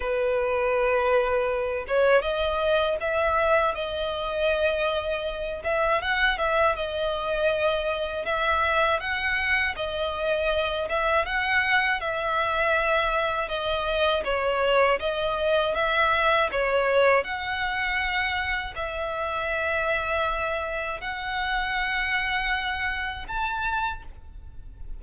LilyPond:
\new Staff \with { instrumentName = "violin" } { \time 4/4 \tempo 4 = 80 b'2~ b'8 cis''8 dis''4 | e''4 dis''2~ dis''8 e''8 | fis''8 e''8 dis''2 e''4 | fis''4 dis''4. e''8 fis''4 |
e''2 dis''4 cis''4 | dis''4 e''4 cis''4 fis''4~ | fis''4 e''2. | fis''2. a''4 | }